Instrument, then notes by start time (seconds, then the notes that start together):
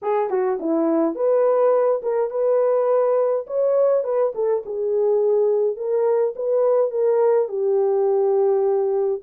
horn
0.02 G#4
0.30 F#4
0.59 E4
1.15 B4
2.02 A#4
2.30 B4
3.46 C#5
4.04 B4
4.34 A4
4.65 G#4
5.76 A#4
6.35 B4
6.90 A#4
7.48 G4